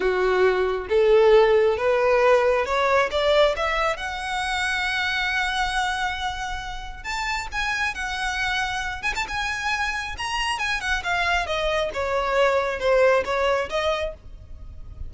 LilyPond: \new Staff \with { instrumentName = "violin" } { \time 4/4 \tempo 4 = 136 fis'2 a'2 | b'2 cis''4 d''4 | e''4 fis''2.~ | fis''1 |
a''4 gis''4 fis''2~ | fis''8 gis''16 a''16 gis''2 ais''4 | gis''8 fis''8 f''4 dis''4 cis''4~ | cis''4 c''4 cis''4 dis''4 | }